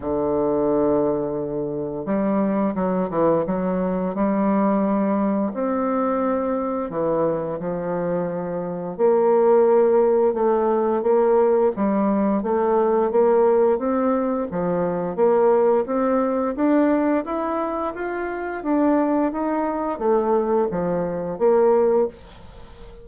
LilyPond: \new Staff \with { instrumentName = "bassoon" } { \time 4/4 \tempo 4 = 87 d2. g4 | fis8 e8 fis4 g2 | c'2 e4 f4~ | f4 ais2 a4 |
ais4 g4 a4 ais4 | c'4 f4 ais4 c'4 | d'4 e'4 f'4 d'4 | dis'4 a4 f4 ais4 | }